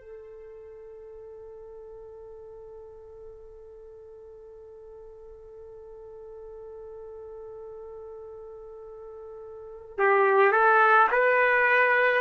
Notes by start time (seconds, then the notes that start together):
0.00 A4
9.97 G4
10.52 A4
11.12 B4